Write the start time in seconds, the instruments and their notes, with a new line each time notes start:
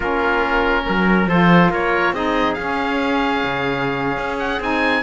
0.00 cello A#3, saxophone C#4, trumpet F4, oboe A#4
0.87 cello F#3, trumpet A#4
1.26 cello F3, saxophone F4, trumpet A4, oboe C5
1.70 cello A#3, trumpet A#4, oboe C#5
2.12 cello C4, saxophone D#4, trumpet G#4, oboe D#5
2.54 saxophone C#4, cello C#4, oboe F5
3.43 cello C#3
4.17 cello C#4
4.39 oboe F#5
4.60 cello C4, saxophone D#4, oboe G#5